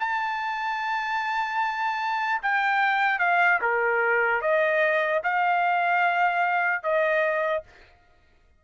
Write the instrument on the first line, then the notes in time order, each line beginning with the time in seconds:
trumpet
0.00 A5
2.43 G5
3.19 F5
3.62 A#4
4.42 D#5
5.24 F5
6.83 D#5